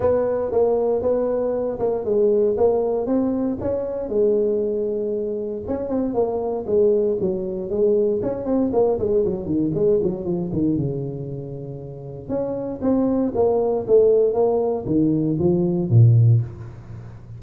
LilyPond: \new Staff \with { instrumentName = "tuba" } { \time 4/4 \tempo 4 = 117 b4 ais4 b4. ais8 | gis4 ais4 c'4 cis'4 | gis2. cis'8 c'8 | ais4 gis4 fis4 gis4 |
cis'8 c'8 ais8 gis8 fis8 dis8 gis8 fis8 | f8 dis8 cis2. | cis'4 c'4 ais4 a4 | ais4 dis4 f4 ais,4 | }